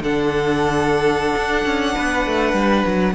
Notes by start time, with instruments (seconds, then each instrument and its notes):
0.00 cello D3, viola D4, violin A4 F#5
1.36 cello D4
1.65 cello C#4
1.95 cello B3, violin B4
2.26 cello A3
2.53 cello G3
2.86 cello F#3